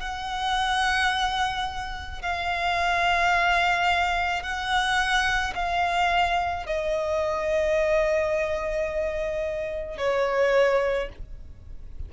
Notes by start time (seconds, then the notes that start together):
0.00 F#5
2.22 F5
4.42 F#5
5.56 F5
6.66 D#5
9.98 C#5